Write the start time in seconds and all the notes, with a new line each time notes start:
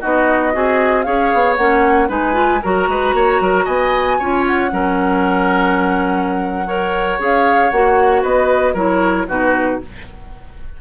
0.00 B3 D#4 F#4 D#5
0.52 C4 F#4 G#4
1.02 C#4 G#4 C#5 F5
1.33 B3
1.56 A#3 C#4 F#5
2.08 G#3 D#4 B4 G#5
2.33 F4
2.62 F#3 F#4 A#4 A#5
2.88 G#3 B4
3.13 A#3 C#5
3.40 F#3 A#4
3.64 B3 D#5 G#5
4.18 C#4 F4 C#5
4.47 F#5
4.70 F#3 C#4 A#4
6.66 A#4 C#5
7.18 C#4 G#4 F5
7.70 A#3 F#4 F#5
8.22 B3 B4 D#5
8.73 F#3 E4 A#4 C#5
9.28 B2 D#4 F#4 B4